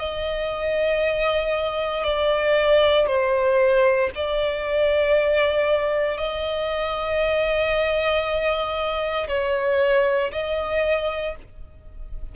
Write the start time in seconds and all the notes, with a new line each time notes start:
0.00 D#5
2.04 D5
3.07 C5
4.15 D5
6.17 D#5
9.28 C#5
10.32 D#5